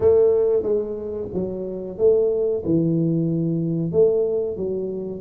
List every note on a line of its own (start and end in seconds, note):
0.00 0.62 A3
0.62 1.27 G#3
1.33 1.98 F#3
1.98 2.63 A3
2.65 3.92 E3
3.92 4.57 A3
4.57 5.20 F#3